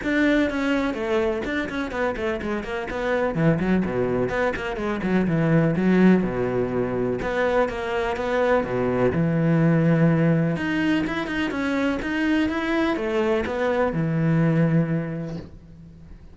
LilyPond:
\new Staff \with { instrumentName = "cello" } { \time 4/4 \tempo 4 = 125 d'4 cis'4 a4 d'8 cis'8 | b8 a8 gis8 ais8 b4 e8 fis8 | b,4 b8 ais8 gis8 fis8 e4 | fis4 b,2 b4 |
ais4 b4 b,4 e4~ | e2 dis'4 e'8 dis'8 | cis'4 dis'4 e'4 a4 | b4 e2. | }